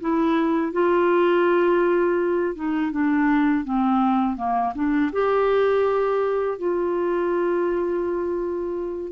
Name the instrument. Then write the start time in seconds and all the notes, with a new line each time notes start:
clarinet
0.00 E4
0.72 F4
2.55 D#4
2.91 D4
3.64 C4
4.36 A#3
4.74 D4
5.12 G4
6.58 F4